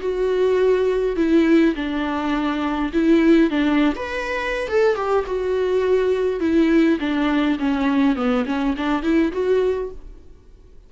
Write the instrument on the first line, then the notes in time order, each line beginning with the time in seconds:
viola
0.00 F#4
1.16 E4
1.75 D4
2.93 E4
3.50 D4
3.96 B4
4.68 A4
4.95 G4
5.26 F#4
6.40 E4
7.00 D4
7.59 C#4
8.16 B3
8.46 C#4
8.77 D4
9.02 E4
9.32 F#4